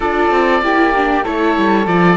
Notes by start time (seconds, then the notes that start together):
0.00 D4 F4 A4 D5
0.30 C4
0.62 A#3 E4 G4
0.96 D4
1.23 A3 E4 A4 C#5
1.57 G3
1.86 F3 F4 D5